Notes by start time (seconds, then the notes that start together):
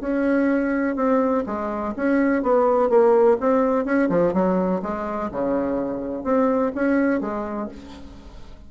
0.00 C#4
0.96 C4
1.46 G#3
1.96 C#4
2.43 B3
2.89 A#3
3.40 C4
3.85 C#4
4.09 F3
4.33 F#3
4.82 G#3
5.31 C#3
6.24 C4
6.75 C#4
7.20 G#3